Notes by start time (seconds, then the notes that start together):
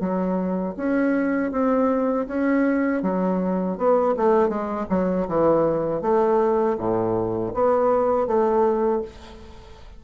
0.00 F#3
0.77 C#4
1.52 C4
2.27 C#4
3.02 F#3
3.77 B3
4.17 A3
4.49 G#3
4.90 F#3
5.28 E3
6.02 A3
6.78 A2
7.54 B3
8.27 A3